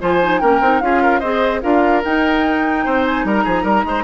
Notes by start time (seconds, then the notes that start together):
0.00 F3 F4 C5 G#5
0.22 D#4
0.40 A#3 C#4 A#4 G5
0.61 C4 D#4
0.80 C#4 F4 G#4 F5
1.03 A#4
1.20 C4 G#4 C5 D#5
1.62 D4 F4 A#4 F5
2.04 D#4 G5
2.85 C4 C5
3.06 G#5
3.24 G3 A#4 A#5
3.44 F3 G#4
3.63 G3 A#4
3.84 G#3 C5